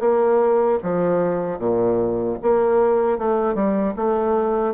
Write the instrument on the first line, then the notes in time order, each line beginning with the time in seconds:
bassoon
0.00 A#3
0.83 F3
1.59 A#2
2.42 A#3
3.18 A3
3.55 G3
3.97 A3